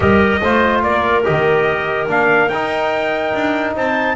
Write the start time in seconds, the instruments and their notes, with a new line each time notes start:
0.00 double bass G3, trombone G4, clarinet A#4, trumpet D#5
0.41 double bass A3, trombone F4, clarinet C5
0.82 double bass A#3, clarinet A#4, trumpet D5
1.24 double bass D#3, trombone G4, trumpet D#5
2.07 double bass A#3, trombone D4, trumpet F5
2.48 double bass D#4, trombone D#4, trumpet G5
3.33 double bass D4
3.76 double bass C4, clarinet C5, trumpet A5